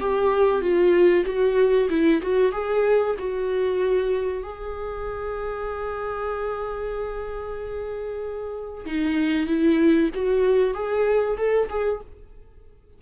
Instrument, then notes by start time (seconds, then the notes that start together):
viola
0.00 G4
0.62 F4
1.26 F#4
1.90 E4
2.22 F#4
2.52 G#4
3.19 F#4
4.43 G#4
8.86 D#4
9.47 E4
10.15 F#4
10.74 G#4
11.37 A4
11.70 G#4